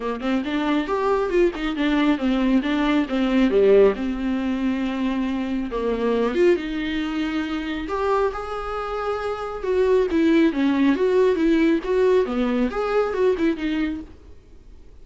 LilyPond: \new Staff \with { instrumentName = "viola" } { \time 4/4 \tempo 4 = 137 ais8 c'8 d'4 g'4 f'8 dis'8 | d'4 c'4 d'4 c'4 | g4 c'2.~ | c'4 ais4. f'8 dis'4~ |
dis'2 g'4 gis'4~ | gis'2 fis'4 e'4 | cis'4 fis'4 e'4 fis'4 | b4 gis'4 fis'8 e'8 dis'4 | }